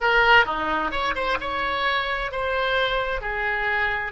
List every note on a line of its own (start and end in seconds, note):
0.00 0.45 A#4
0.45 0.91 D#4
0.91 1.14 C#5
1.15 1.38 C5
1.40 2.31 C#5
2.31 3.21 C5
3.21 4.12 G#4